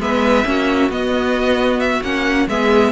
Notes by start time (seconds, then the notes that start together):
0.00 G#3 B3 B4 E5
0.45 A#3 C#4 F#4
0.89 B3 D#5
1.80 E5
2.03 A#3 C#4 F#5
2.48 G#3 B3 G#4 E5